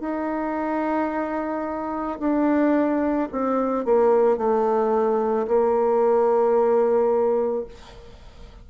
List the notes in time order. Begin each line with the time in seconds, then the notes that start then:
0.00 D#4
2.19 D4
3.32 C4
3.85 A#3
4.37 A3
5.47 A#3